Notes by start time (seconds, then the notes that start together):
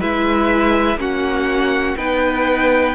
0.00 G#3 E4 B4 E5
0.95 A#3 C#4 F#4 F#5
1.97 B3 D#4 B4 G5